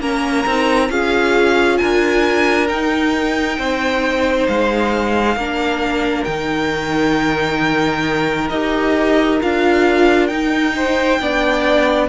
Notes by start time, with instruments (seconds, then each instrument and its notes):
0.00 cello A#3, viola C#4, violin A#4 A#5
0.46 cello C4, viola D#4
0.90 cello C#4, viola F4, violin G#4 F5
1.78 cello D4, violin A#4 G#5
2.68 viola D#4, cello D#4, violin G5
3.58 cello C4, violin C5
4.48 cello G#3, violin F5
5.36 cello A#3, viola D4, violin A#4
6.24 cello D#3, viola D#4, violin G5
8.49 cello D#4, viola G4, violin D#5
9.41 cello D4, viola F4, violin F5
10.27 cello D#4, viola D#4, violin G5
10.76 violin C5
11.20 cello B3, viola D4, violin D5